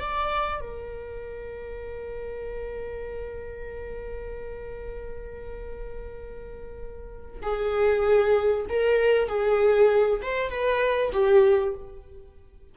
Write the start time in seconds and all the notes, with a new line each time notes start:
0.00 D5
0.61 A#4
7.43 G#4
8.69 A#4
9.28 G#4
10.23 C5
10.50 B4
11.13 G4